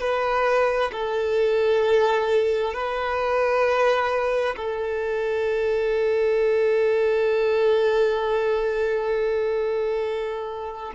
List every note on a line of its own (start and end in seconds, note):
0.00 0.91 B4
0.92 2.74 A4
2.74 4.55 B4
4.56 10.93 A4